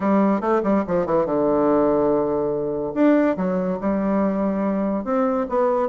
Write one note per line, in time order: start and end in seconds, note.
0.00 0.40 G3
0.40 0.61 A3
0.63 0.84 G3
0.87 1.06 F3
1.06 1.25 E3
1.25 2.93 D3
2.94 3.36 D4
3.36 3.78 F#3
3.80 5.04 G3
5.04 5.46 C4
5.49 5.89 B3